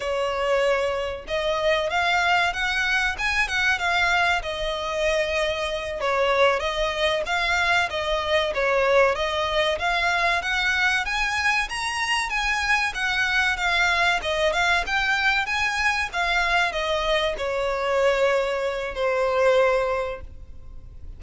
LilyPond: \new Staff \with { instrumentName = "violin" } { \time 4/4 \tempo 4 = 95 cis''2 dis''4 f''4 | fis''4 gis''8 fis''8 f''4 dis''4~ | dis''4. cis''4 dis''4 f''8~ | f''8 dis''4 cis''4 dis''4 f''8~ |
f''8 fis''4 gis''4 ais''4 gis''8~ | gis''8 fis''4 f''4 dis''8 f''8 g''8~ | g''8 gis''4 f''4 dis''4 cis''8~ | cis''2 c''2 | }